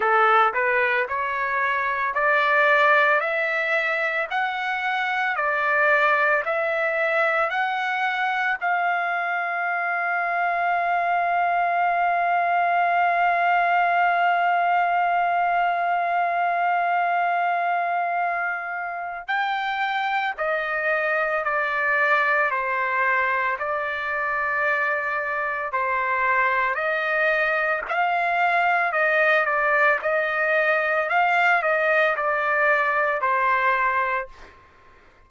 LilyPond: \new Staff \with { instrumentName = "trumpet" } { \time 4/4 \tempo 4 = 56 a'8 b'8 cis''4 d''4 e''4 | fis''4 d''4 e''4 fis''4 | f''1~ | f''1~ |
f''2 g''4 dis''4 | d''4 c''4 d''2 | c''4 dis''4 f''4 dis''8 d''8 | dis''4 f''8 dis''8 d''4 c''4 | }